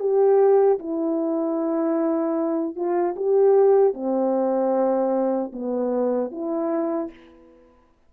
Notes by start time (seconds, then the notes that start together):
0.00 G4
0.79 E4
2.76 F4
3.17 G4
3.94 C4
5.53 B3
6.32 E4